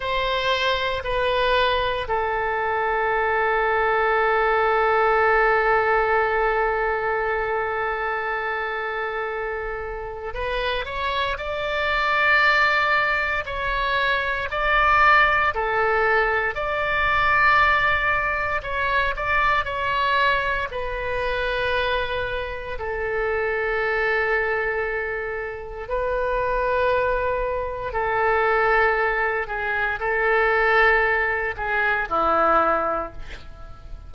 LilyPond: \new Staff \with { instrumentName = "oboe" } { \time 4/4 \tempo 4 = 58 c''4 b'4 a'2~ | a'1~ | a'2 b'8 cis''8 d''4~ | d''4 cis''4 d''4 a'4 |
d''2 cis''8 d''8 cis''4 | b'2 a'2~ | a'4 b'2 a'4~ | a'8 gis'8 a'4. gis'8 e'4 | }